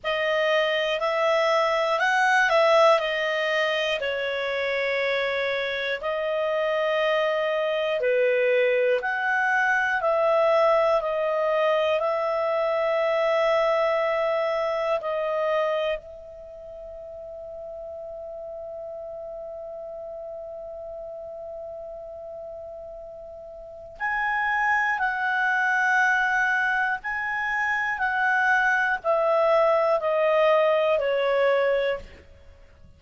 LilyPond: \new Staff \with { instrumentName = "clarinet" } { \time 4/4 \tempo 4 = 60 dis''4 e''4 fis''8 e''8 dis''4 | cis''2 dis''2 | b'4 fis''4 e''4 dis''4 | e''2. dis''4 |
e''1~ | e''1 | gis''4 fis''2 gis''4 | fis''4 e''4 dis''4 cis''4 | }